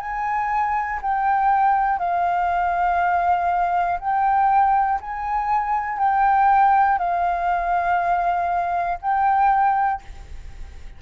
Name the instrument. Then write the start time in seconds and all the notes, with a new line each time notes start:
flute
0.00 G#5
1.02 G5
1.99 F5
4.00 G5
5.00 G#5
5.98 G5
6.98 F5
9.01 G5